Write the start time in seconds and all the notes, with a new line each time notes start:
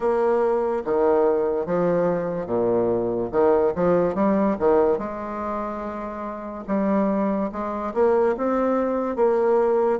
0.00 A#3
0.84 D#3
1.66 F3
2.46 A#2
3.31 D#3
3.75 F3
4.14 G3
4.59 D#3
4.98 G#3
6.67 G3
7.52 G#3
7.94 A#3
8.37 C4
9.16 A#3